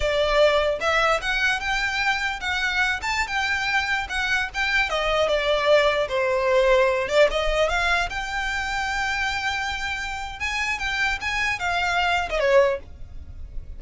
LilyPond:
\new Staff \with { instrumentName = "violin" } { \time 4/4 \tempo 4 = 150 d''2 e''4 fis''4 | g''2 fis''4. a''8~ | a''16 g''2 fis''4 g''8.~ | g''16 dis''4 d''2 c''8.~ |
c''4.~ c''16 d''8 dis''4 f''8.~ | f''16 g''2.~ g''8.~ | g''2 gis''4 g''4 | gis''4 f''4.~ f''16 dis''16 cis''4 | }